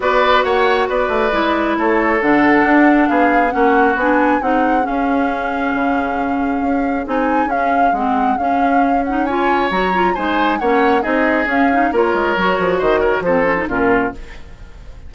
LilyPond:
<<
  \new Staff \with { instrumentName = "flute" } { \time 4/4 \tempo 4 = 136 d''4 fis''4 d''2 | cis''4 fis''2 f''4 | fis''4 gis''4 fis''4 f''4~ | f''1 |
gis''4 f''4 fis''4 f''4~ | f''8 fis''8 gis''4 ais''4 gis''4 | fis''4 dis''4 f''4 cis''4~ | cis''4 dis''8 cis''8 c''4 ais'4 | }
  \new Staff \with { instrumentName = "oboe" } { \time 4/4 b'4 cis''4 b'2 | a'2. gis'4 | fis'2 gis'2~ | gis'1~ |
gis'1~ | gis'4 cis''2 c''4 | cis''4 gis'2 ais'4~ | ais'4 c''8 ais'8 a'4 f'4 | }
  \new Staff \with { instrumentName = "clarinet" } { \time 4/4 fis'2. e'4~ | e'4 d'2. | cis'4 d'4 dis'4 cis'4~ | cis'1 |
dis'4 cis'4 c'4 cis'4~ | cis'8 dis'8 f'4 fis'8 f'8 dis'4 | cis'4 dis'4 cis'8 dis'8 f'4 | fis'2 c'8 cis'16 dis'16 cis'4 | }
  \new Staff \with { instrumentName = "bassoon" } { \time 4/4 b4 ais4 b8 a8 gis4 | a4 d4 d'4 b4 | ais4 b4 c'4 cis'4~ | cis'4 cis2 cis'4 |
c'4 cis'4 gis4 cis'4~ | cis'2 fis4 gis4 | ais4 c'4 cis'4 ais8 gis8 | fis8 f8 dis4 f4 ais,4 | }
>>